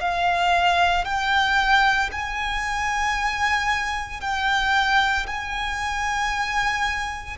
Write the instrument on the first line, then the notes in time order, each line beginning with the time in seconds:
violin
0.00 F5
1.04 G5
2.11 G#5
4.21 G5
5.26 G#5